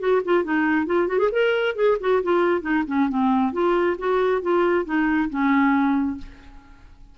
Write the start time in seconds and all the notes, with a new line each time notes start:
0.00 F#4
0.25 F4
0.44 D#4
0.87 F4
1.08 F#4
1.19 G#4
1.32 A#4
1.76 G#4
2.01 F#4
2.23 F4
2.62 D#4
2.87 C#4
3.10 C4
3.53 F4
3.99 F#4
4.42 F4
4.86 D#4
5.30 C#4